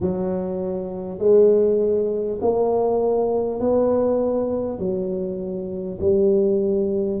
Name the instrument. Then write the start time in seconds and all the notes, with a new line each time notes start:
tuba
0.00 F#3
1.18 G#3
2.41 A#3
3.59 B3
4.78 F#3
6.00 G3